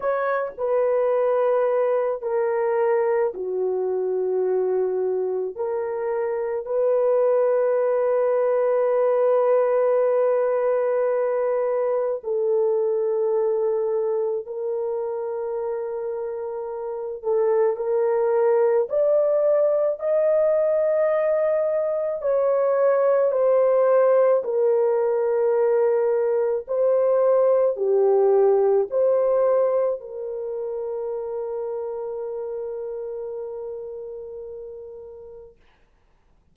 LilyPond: \new Staff \with { instrumentName = "horn" } { \time 4/4 \tempo 4 = 54 cis''8 b'4. ais'4 fis'4~ | fis'4 ais'4 b'2~ | b'2. a'4~ | a'4 ais'2~ ais'8 a'8 |
ais'4 d''4 dis''2 | cis''4 c''4 ais'2 | c''4 g'4 c''4 ais'4~ | ais'1 | }